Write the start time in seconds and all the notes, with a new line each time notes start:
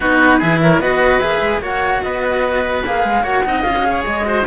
0.00 B3 D#4 F#4 B4
0.39 E3 E4 G#4
0.61 A#4 C#5
0.79 B3 F#4 B4 D#5
1.19 A#3 G#4 E5
1.41 G#3
1.59 A#3 F#4 C#5 F#5
2.02 B3 B4 D#5
2.84 A#3 G#4 F5
3.04 G#3
3.22 A#3 F#4 C#5 F#5
3.43 C4 D#4 D#5
3.62 C#4 F4 F5
3.77 F#4 G#4
3.89 C#5
4.06 G#3 D#5
4.24 F#4 C5